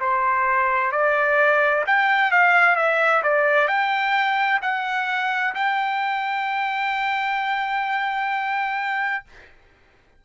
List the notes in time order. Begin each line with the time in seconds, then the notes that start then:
0.00 C5
0.92 D5
1.87 G5
2.31 F5
2.76 E5
3.23 D5
3.68 G5
4.62 F#5
5.55 G5